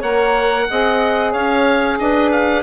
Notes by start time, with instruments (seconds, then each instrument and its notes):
0.00 bassoon A#3, saxophone A#4, clarinet C#5, oboe F#5
0.69 bassoon C4, saxophone G#4, clarinet D#5
1.32 bassoon C#4, clarinet C#5, oboe F5
1.99 bassoon D4, clarinet B4, oboe D#5
2.32 oboe F5